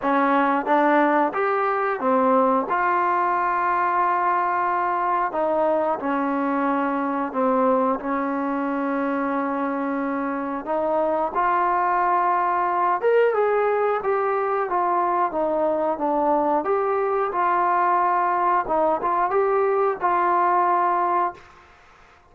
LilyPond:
\new Staff \with { instrumentName = "trombone" } { \time 4/4 \tempo 4 = 90 cis'4 d'4 g'4 c'4 | f'1 | dis'4 cis'2 c'4 | cis'1 |
dis'4 f'2~ f'8 ais'8 | gis'4 g'4 f'4 dis'4 | d'4 g'4 f'2 | dis'8 f'8 g'4 f'2 | }